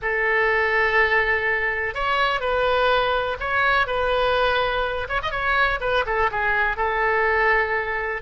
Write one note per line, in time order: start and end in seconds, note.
0.02 1.94 A4
1.94 2.40 C#5
2.40 3.37 B4
3.40 3.86 C#5
3.86 5.07 B4
5.09 5.21 C#5
5.22 5.31 D#5
5.31 5.79 C#5
5.80 6.04 B4
6.06 6.30 A4
6.31 6.76 G#4
6.76 8.21 A4